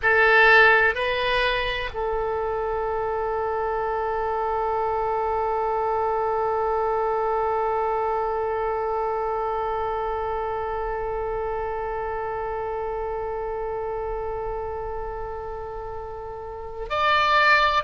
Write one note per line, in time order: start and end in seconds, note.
0.02 0.94 A4
0.94 1.90 B4
1.93 16.89 A4
16.89 17.83 D5